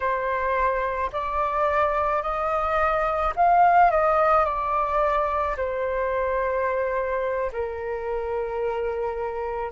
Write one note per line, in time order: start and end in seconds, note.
0.00 1.10 C5
1.12 2.22 D5
2.22 3.33 D#5
3.36 3.90 F5
3.90 4.44 D#5
4.44 5.56 D5
5.57 7.51 C5
7.52 9.71 A#4